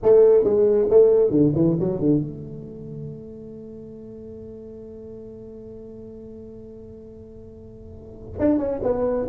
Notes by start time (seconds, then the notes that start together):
0.02 A3
0.44 G#3
0.90 A3
1.30 D3
1.55 E3
1.79 F#3
1.99 D3
2.21 A3
8.39 D4
8.58 C#4
8.82 B3